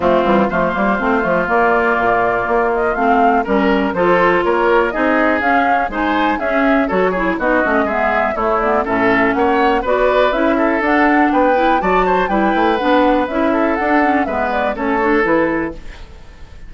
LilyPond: <<
  \new Staff \with { instrumentName = "flute" } { \time 4/4 \tempo 4 = 122 f'4 c''2 d''4~ | d''4. dis''8 f''4 ais'4 | c''4 cis''4 dis''4 f''4 | gis''4 e''4 cis''4 dis''4 |
e''4 cis''8 d''8 e''4 fis''4 | d''4 e''4 fis''4 g''4 | a''4 g''4 fis''4 e''4 | fis''4 e''8 d''8 cis''4 b'4 | }
  \new Staff \with { instrumentName = "oboe" } { \time 4/4 c'4 f'2.~ | f'2. ais'4 | a'4 ais'4 gis'2 | c''4 gis'4 a'8 gis'8 fis'4 |
gis'4 e'4 a'4 cis''4 | b'4. a'4. b'4 | d''8 c''8 b'2~ b'8 a'8~ | a'4 b'4 a'2 | }
  \new Staff \with { instrumentName = "clarinet" } { \time 4/4 a8 g8 a8 ais8 c'8 a8 ais4~ | ais2 c'4 cis'4 | f'2 dis'4 cis'4 | dis'4 cis'4 fis'8 e'8 dis'8 cis'8 |
b4 a8 b8 cis'2 | fis'4 e'4 d'4. e'8 | fis'4 e'4 d'4 e'4 | d'8 cis'8 b4 cis'8 d'8 e'4 | }
  \new Staff \with { instrumentName = "bassoon" } { \time 4/4 f8 e8 f8 g8 a8 f8 ais4 | ais,4 ais4 a4 g4 | f4 ais4 c'4 cis'4 | gis4 cis'4 fis4 b8 a8 |
gis4 a4 a,4 ais4 | b4 cis'4 d'4 b4 | fis4 g8 a8 b4 cis'4 | d'4 gis4 a4 e4 | }
>>